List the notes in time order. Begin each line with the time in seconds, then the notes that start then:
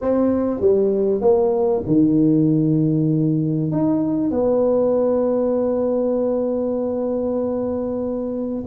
0.01 C4
0.60 G3
1.21 A#3
1.86 D#3
3.71 D#4
4.30 B3